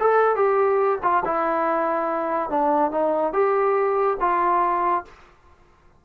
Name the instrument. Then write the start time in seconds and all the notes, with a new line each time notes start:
trombone
0.00 A4
0.36 G4
1.03 F4
1.25 E4
2.50 D4
2.91 D#4
3.33 G4
4.20 F4